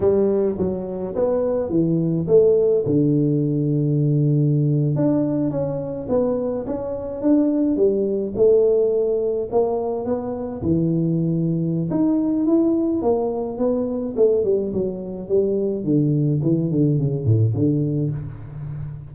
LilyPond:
\new Staff \with { instrumentName = "tuba" } { \time 4/4 \tempo 4 = 106 g4 fis4 b4 e4 | a4 d2.~ | d8. d'4 cis'4 b4 cis'16~ | cis'8. d'4 g4 a4~ a16~ |
a8. ais4 b4 e4~ e16~ | e4 dis'4 e'4 ais4 | b4 a8 g8 fis4 g4 | d4 e8 d8 cis8 a,8 d4 | }